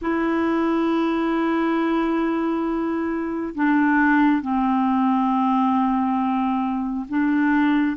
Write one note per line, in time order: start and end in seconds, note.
0.01 3.54 E4
3.54 4.41 D4
4.41 7.06 C4
7.08 7.97 D4